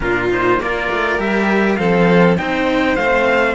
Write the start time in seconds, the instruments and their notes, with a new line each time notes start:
0.00 cello A#2 D4, violin F4, trumpet A#4
0.29 cello D#4, trumpet C5
0.59 cello A#3 F4, violin A#4, trumpet D5
0.90 cello A3
1.18 cello G3 G4, trumpet E5
1.76 cello F3 C4, violin A4, trumpet F5
2.37 cello C4 D#4, violin C5, trumpet G5
2.96 cello A3 C4, trumpet F5